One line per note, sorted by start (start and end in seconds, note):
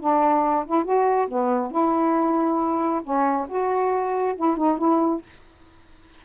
0.00 0.65 D4
0.66 0.84 E4
0.84 1.28 F#4
1.28 1.71 B3
1.71 3.01 E4
3.03 3.47 C#4
3.48 4.35 F#4
4.36 4.57 E4
4.57 4.78 D#4
4.78 5.22 E4